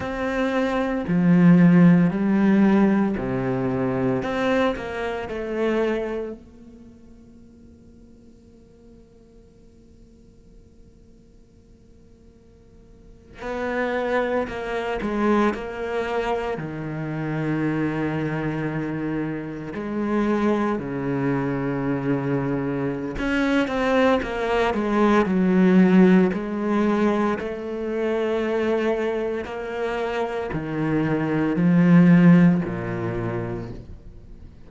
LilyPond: \new Staff \with { instrumentName = "cello" } { \time 4/4 \tempo 4 = 57 c'4 f4 g4 c4 | c'8 ais8 a4 ais2~ | ais1~ | ais8. b4 ais8 gis8 ais4 dis16~ |
dis2~ dis8. gis4 cis16~ | cis2 cis'8 c'8 ais8 gis8 | fis4 gis4 a2 | ais4 dis4 f4 ais,4 | }